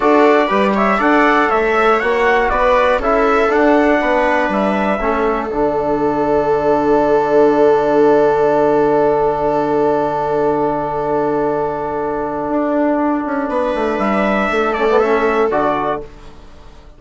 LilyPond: <<
  \new Staff \with { instrumentName = "trumpet" } { \time 4/4 \tempo 4 = 120 d''4. e''8 fis''4 e''4 | fis''4 d''4 e''4 fis''4~ | fis''4 e''2 fis''4~ | fis''1~ |
fis''1~ | fis''1~ | fis''1 | e''4. d''8 e''4 d''4 | }
  \new Staff \with { instrumentName = "viola" } { \time 4/4 a'4 b'8 cis''8 d''4 cis''4~ | cis''4 b'4 a'2 | b'2 a'2~ | a'1~ |
a'1~ | a'1~ | a'2. b'4~ | b'4 a'2. | }
  \new Staff \with { instrumentName = "trombone" } { \time 4/4 fis'4 g'4 a'2 | fis'2 e'4 d'4~ | d'2 cis'4 d'4~ | d'1~ |
d'1~ | d'1~ | d'1~ | d'4. cis'16 b16 cis'4 fis'4 | }
  \new Staff \with { instrumentName = "bassoon" } { \time 4/4 d'4 g4 d'4 a4 | ais4 b4 cis'4 d'4 | b4 g4 a4 d4~ | d1~ |
d1~ | d1~ | d4 d'4. cis'8 b8 a8 | g4 a2 d4 | }
>>